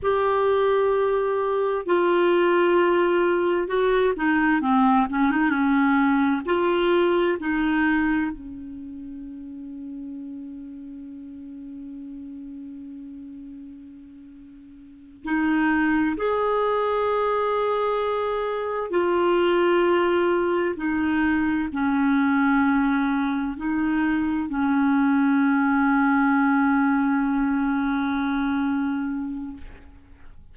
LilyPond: \new Staff \with { instrumentName = "clarinet" } { \time 4/4 \tempo 4 = 65 g'2 f'2 | fis'8 dis'8 c'8 cis'16 dis'16 cis'4 f'4 | dis'4 cis'2.~ | cis'1~ |
cis'8 dis'4 gis'2~ gis'8~ | gis'8 f'2 dis'4 cis'8~ | cis'4. dis'4 cis'4.~ | cis'1 | }